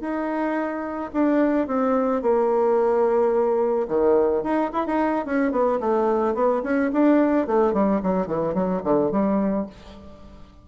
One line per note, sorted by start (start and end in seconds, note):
0.00 1.10 D#4
1.13 1.67 D4
1.67 2.22 C4
2.22 3.87 A#3
3.88 4.43 D#3
4.43 4.70 D#4
4.72 4.86 E4
4.86 5.25 D#4
5.25 5.51 C#4
5.51 5.79 B3
5.80 6.34 A3
6.34 6.62 B3
6.63 6.90 C#4
6.93 7.47 D4
7.47 7.73 A3
7.73 8.00 G3
8.02 8.26 F#3
8.26 8.54 E3
8.54 8.81 F#3
8.83 9.11 D3
9.11 9.66 G3